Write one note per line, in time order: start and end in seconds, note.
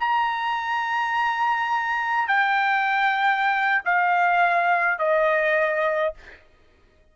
0.00 2.28 A#5
2.28 3.82 G5
3.85 4.99 F5
4.99 6.14 D#5